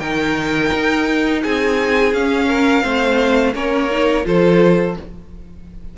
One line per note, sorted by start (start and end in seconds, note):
0.00 0.71 D#3
0.00 2.14 D#4
0.00 1.41 A#4
0.00 1.41 G5
0.73 1.44 D#4
1.43 2.13 C4
1.43 2.48 G#4
1.43 2.14 G#5
2.13 2.84 C#4
2.13 2.82 C#4
2.13 3.55 F5
2.48 2.83 A#4
2.82 3.55 A3
2.82 3.53 C4
2.82 3.54 C5
3.54 4.25 A#3
3.54 3.89 C#4
3.54 4.26 A#4
3.54 4.26 C#5
3.91 4.24 D#4
4.24 4.97 F3
4.24 4.94 F4
4.24 4.97 A4
4.24 4.98 C5